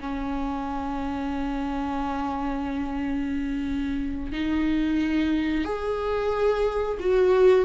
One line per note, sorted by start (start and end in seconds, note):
0.00 4.32 C#4
4.32 5.65 D#4
5.65 6.98 G#4
7.00 7.65 F#4